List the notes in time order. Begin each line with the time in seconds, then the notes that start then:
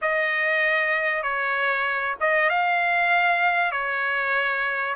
0.01 D#5
1.23 C#5
2.20 D#5
2.49 F5
3.71 C#5